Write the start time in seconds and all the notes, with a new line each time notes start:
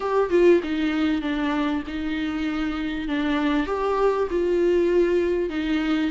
0.00 G4
0.30 F4
0.63 D#4
1.21 D4
1.87 D#4
3.08 D4
3.66 G4
4.30 F4
5.49 D#4